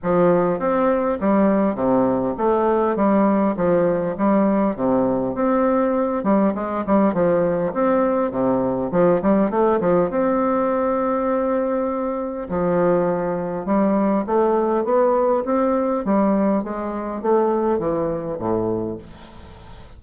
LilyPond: \new Staff \with { instrumentName = "bassoon" } { \time 4/4 \tempo 4 = 101 f4 c'4 g4 c4 | a4 g4 f4 g4 | c4 c'4. g8 gis8 g8 | f4 c'4 c4 f8 g8 |
a8 f8 c'2.~ | c'4 f2 g4 | a4 b4 c'4 g4 | gis4 a4 e4 a,4 | }